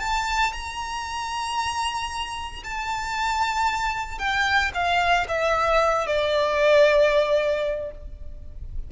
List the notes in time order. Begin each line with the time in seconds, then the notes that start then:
0.00 A5
0.53 A#5
2.64 A5
4.19 G5
4.74 F5
5.28 E5
6.07 D5